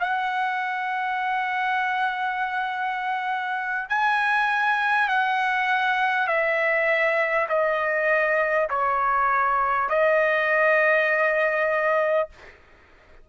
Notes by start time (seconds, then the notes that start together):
0.00 F#5
3.90 G#5
5.09 F#5
6.28 E5
7.49 D#5
8.70 C#5
9.89 D#5